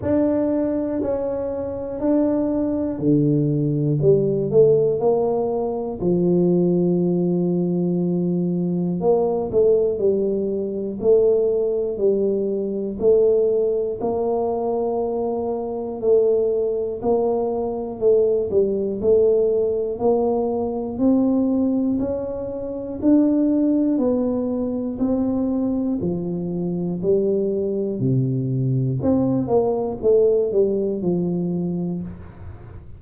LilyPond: \new Staff \with { instrumentName = "tuba" } { \time 4/4 \tempo 4 = 60 d'4 cis'4 d'4 d4 | g8 a8 ais4 f2~ | f4 ais8 a8 g4 a4 | g4 a4 ais2 |
a4 ais4 a8 g8 a4 | ais4 c'4 cis'4 d'4 | b4 c'4 f4 g4 | c4 c'8 ais8 a8 g8 f4 | }